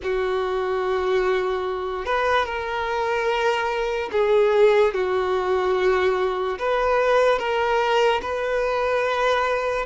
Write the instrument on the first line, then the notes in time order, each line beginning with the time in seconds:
violin
0.03 F#4
2.05 B4
2.45 A#4
4.12 G#4
4.94 F#4
6.58 B4
7.38 A#4
8.22 B4